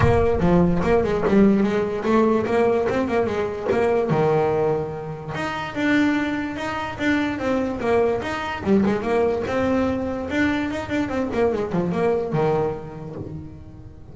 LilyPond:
\new Staff \with { instrumentName = "double bass" } { \time 4/4 \tempo 4 = 146 ais4 f4 ais8 gis8 g4 | gis4 a4 ais4 c'8 ais8 | gis4 ais4 dis2~ | dis4 dis'4 d'2 |
dis'4 d'4 c'4 ais4 | dis'4 g8 gis8 ais4 c'4~ | c'4 d'4 dis'8 d'8 c'8 ais8 | gis8 f8 ais4 dis2 | }